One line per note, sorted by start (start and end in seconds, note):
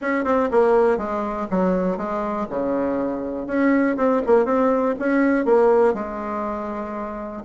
0.01 0.24 C#4
0.24 0.49 C4
0.51 0.97 A#3
0.97 1.47 G#3
1.50 1.97 F#3
1.97 2.46 G#3
2.49 3.46 C#3
3.46 3.96 C#4
3.97 4.21 C4
4.26 4.45 A#3
4.45 4.94 C4
4.99 5.45 C#4
5.45 5.94 A#3
5.94 7.42 G#3